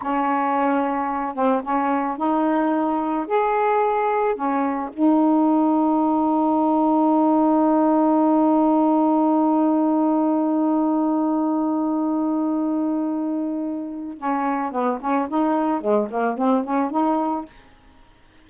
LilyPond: \new Staff \with { instrumentName = "saxophone" } { \time 4/4 \tempo 4 = 110 cis'2~ cis'8 c'8 cis'4 | dis'2 gis'2 | cis'4 dis'2.~ | dis'1~ |
dis'1~ | dis'1~ | dis'2 cis'4 b8 cis'8 | dis'4 gis8 ais8 c'8 cis'8 dis'4 | }